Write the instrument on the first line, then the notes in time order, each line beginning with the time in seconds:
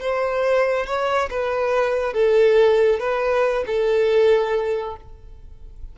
violin
0.00 C5
0.86 C#5
1.30 B4
2.13 A4
2.99 B4
3.67 A4